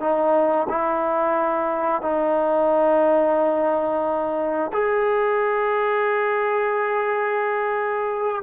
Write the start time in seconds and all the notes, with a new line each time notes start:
0.00 D#4
0.69 E4
2.02 D#4
4.73 G#4